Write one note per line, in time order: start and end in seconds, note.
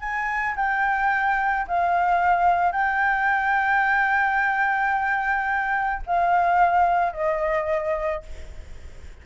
0.00 0.55 G#5
0.56 1.66 G5
1.68 2.72 F5
2.72 6.02 G5
6.06 7.13 F5
7.13 8.23 D#5